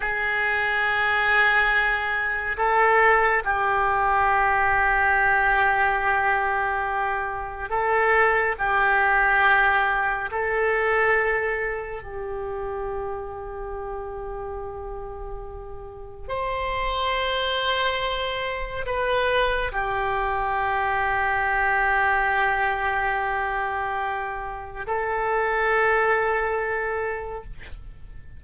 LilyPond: \new Staff \with { instrumentName = "oboe" } { \time 4/4 \tempo 4 = 70 gis'2. a'4 | g'1~ | g'4 a'4 g'2 | a'2 g'2~ |
g'2. c''4~ | c''2 b'4 g'4~ | g'1~ | g'4 a'2. | }